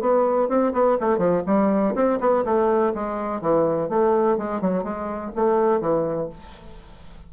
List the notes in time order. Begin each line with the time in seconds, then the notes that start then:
0.00 B3
0.48 C4
0.73 B3
1.00 A3
1.18 F3
1.46 G3
1.95 C4
2.20 B3
2.45 A3
2.94 G#3
3.41 E3
3.89 A3
4.37 G#3
4.61 F#3
4.83 G#3
5.35 A3
5.80 E3